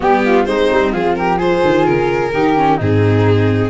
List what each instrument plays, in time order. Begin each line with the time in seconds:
0.00 tuba G3, viola B3, flute G4, violin G4
0.24 flute F4
0.45 tuba G#3, viola C4, flute D#4, violin C5
0.72 tuba G3
0.92 tuba F3, flute F4, violin G#4
1.15 flute G4, violin A#4
1.37 viola F4, flute G#4, violin C5
1.64 tuba D#3
1.85 tuba C#3, violin A#4
2.33 tuba D#3, viola D#4, flute G4
2.56 viola C#4
2.76 tuba G#2, viola C4, flute D#4, violin G#4